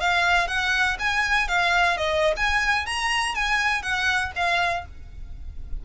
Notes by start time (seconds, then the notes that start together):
0.00 F5
0.48 F#5
0.99 G#5
1.48 F5
1.97 D#5
2.37 G#5
2.86 A#5
3.35 G#5
3.82 F#5
4.36 F5